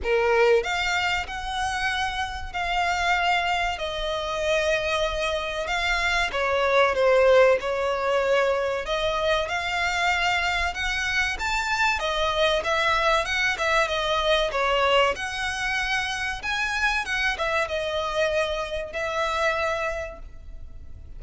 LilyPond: \new Staff \with { instrumentName = "violin" } { \time 4/4 \tempo 4 = 95 ais'4 f''4 fis''2 | f''2 dis''2~ | dis''4 f''4 cis''4 c''4 | cis''2 dis''4 f''4~ |
f''4 fis''4 a''4 dis''4 | e''4 fis''8 e''8 dis''4 cis''4 | fis''2 gis''4 fis''8 e''8 | dis''2 e''2 | }